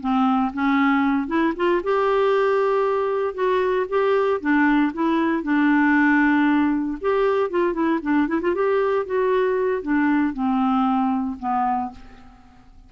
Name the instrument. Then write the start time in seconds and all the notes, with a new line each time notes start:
clarinet
0.00 C4
0.53 C#4
1.27 E4
1.56 F4
1.83 G4
3.34 F#4
3.89 G4
4.40 D4
4.93 E4
5.43 D4
7.01 G4
7.50 F4
7.73 E4
8.02 D4
8.28 E4
8.41 F4
8.54 G4
9.06 F#4
9.82 D4
10.33 C4
11.39 B3